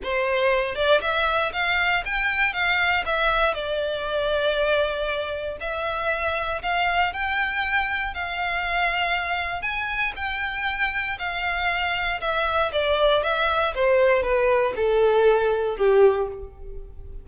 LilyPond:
\new Staff \with { instrumentName = "violin" } { \time 4/4 \tempo 4 = 118 c''4. d''8 e''4 f''4 | g''4 f''4 e''4 d''4~ | d''2. e''4~ | e''4 f''4 g''2 |
f''2. gis''4 | g''2 f''2 | e''4 d''4 e''4 c''4 | b'4 a'2 g'4 | }